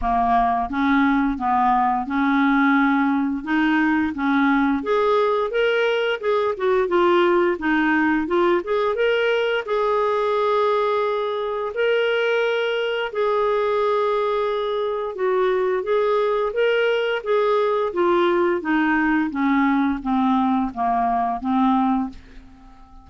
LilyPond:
\new Staff \with { instrumentName = "clarinet" } { \time 4/4 \tempo 4 = 87 ais4 cis'4 b4 cis'4~ | cis'4 dis'4 cis'4 gis'4 | ais'4 gis'8 fis'8 f'4 dis'4 | f'8 gis'8 ais'4 gis'2~ |
gis'4 ais'2 gis'4~ | gis'2 fis'4 gis'4 | ais'4 gis'4 f'4 dis'4 | cis'4 c'4 ais4 c'4 | }